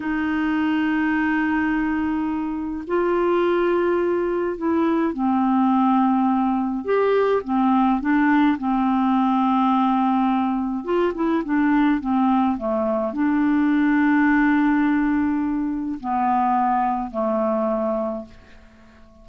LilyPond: \new Staff \with { instrumentName = "clarinet" } { \time 4/4 \tempo 4 = 105 dis'1~ | dis'4 f'2. | e'4 c'2. | g'4 c'4 d'4 c'4~ |
c'2. f'8 e'8 | d'4 c'4 a4 d'4~ | d'1 | b2 a2 | }